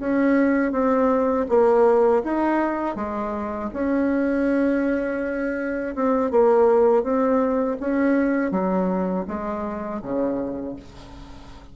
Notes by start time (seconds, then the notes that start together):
0.00 C#4
0.72 C4
1.49 A#3
2.24 D#4
2.96 G#3
3.73 C#4
5.96 C4
6.31 A#3
7.03 C4
7.80 C#4
8.52 F#3
9.28 G#3
10.02 C#3